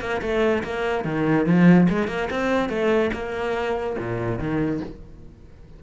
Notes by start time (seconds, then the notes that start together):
0.00 A#3
0.21 A3
0.63 A#3
1.04 D#3
1.45 F3
1.89 G#3
2.07 A#3
2.30 C4
2.69 A3
3.13 A#3
3.98 A#2
4.38 D#3